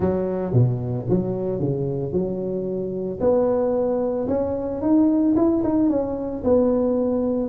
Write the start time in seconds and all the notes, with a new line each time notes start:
0.00 F#3
0.53 B2
1.09 F#3
1.59 C#3
2.12 F#3
3.20 B3
4.28 C#4
4.81 D#4
5.36 E4
5.63 D#4
5.89 C#4
6.44 B3